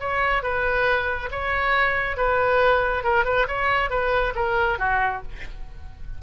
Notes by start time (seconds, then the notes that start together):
0.00 C#5
0.43 B4
1.31 C#5
2.17 B4
3.04 A#4
3.25 B4
3.48 C#5
3.90 B4
4.35 A#4
4.79 F#4